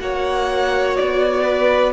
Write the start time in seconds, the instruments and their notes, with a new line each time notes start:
0.00 cello A#3, viola F#4, violin C#5 F#5
0.97 cello B3, violin D5
1.44 violin B4